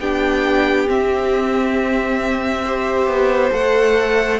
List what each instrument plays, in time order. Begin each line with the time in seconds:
0.00 cello B3, viola D4, violin G4 G5
0.87 viola C4, cello C4, violin E5
2.65 viola G4, violin C5
3.06 cello B3
3.50 cello A3, viola A4, violin F#5